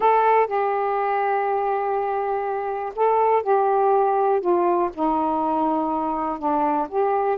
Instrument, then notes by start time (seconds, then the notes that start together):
saxophone
0.00 A4
0.46 G4
2.95 A4
3.42 G4
4.40 F4
4.93 D#4
6.38 D4
6.89 G4